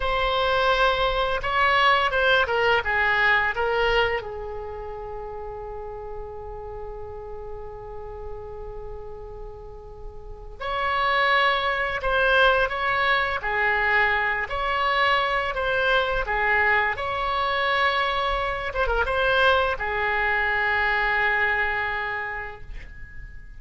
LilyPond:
\new Staff \with { instrumentName = "oboe" } { \time 4/4 \tempo 4 = 85 c''2 cis''4 c''8 ais'8 | gis'4 ais'4 gis'2~ | gis'1~ | gis'2. cis''4~ |
cis''4 c''4 cis''4 gis'4~ | gis'8 cis''4. c''4 gis'4 | cis''2~ cis''8 c''16 ais'16 c''4 | gis'1 | }